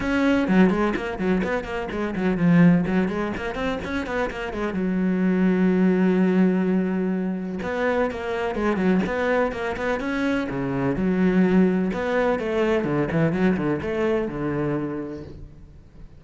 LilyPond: \new Staff \with { instrumentName = "cello" } { \time 4/4 \tempo 4 = 126 cis'4 fis8 gis8 ais8 fis8 b8 ais8 | gis8 fis8 f4 fis8 gis8 ais8 c'8 | cis'8 b8 ais8 gis8 fis2~ | fis1 |
b4 ais4 gis8 fis8 b4 | ais8 b8 cis'4 cis4 fis4~ | fis4 b4 a4 d8 e8 | fis8 d8 a4 d2 | }